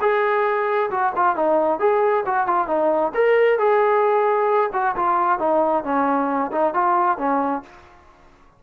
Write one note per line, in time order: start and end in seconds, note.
0.00 0.90 G#4
0.90 1.12 F#4
1.15 1.36 F4
1.36 1.79 D#4
1.79 2.24 G#4
2.25 2.46 F#4
2.46 2.67 F4
2.67 3.12 D#4
3.14 3.58 A#4
3.58 4.70 G#4
4.73 4.95 F#4
4.95 5.39 F4
5.39 5.84 D#4
5.84 6.51 C#4
6.51 6.73 D#4
6.73 7.17 F4
7.17 7.62 C#4